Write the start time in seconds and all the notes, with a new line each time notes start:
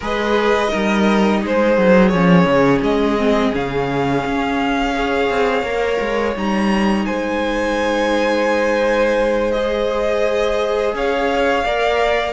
0.00 G#3 G#4 B4 D#5
0.69 G3 D#4 A#4
1.42 G#3 G#4 C5
1.77 F#3
2.08 F3 C#4 C#5
2.45 C#3
2.82 G#3 D#5
3.17 C4
3.52 C#3 C#4 F5
4.25 C#4
4.94 G#4 C#5
5.29 C4
5.62 A#3 A#4
6.00 G#3
6.35 G3 D#4 A#5
7.05 G#3 C5 G#5
9.51 G#4 D#5
10.93 C#4 C#5 F5
11.64 A#3 A#4 D5